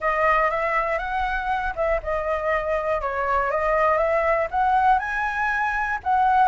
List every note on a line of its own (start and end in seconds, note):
0.00 0.50 D#5
0.50 0.98 E5
0.98 1.73 F#5
1.75 2.00 E5
2.02 3.01 D#5
3.01 3.50 C#5
3.50 3.97 D#5
3.97 4.47 E5
4.50 4.98 F#5
4.98 5.98 G#5
6.03 6.48 F#5